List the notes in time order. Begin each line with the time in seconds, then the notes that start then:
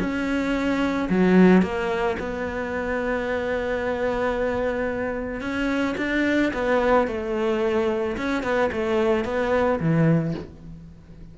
0.00 C#4
1.10 F#3
1.62 A#3
2.20 B3
5.41 C#4
5.98 D4
6.54 B3
7.08 A3
8.17 C#4
8.43 B3
8.72 A3
9.25 B3
9.80 E3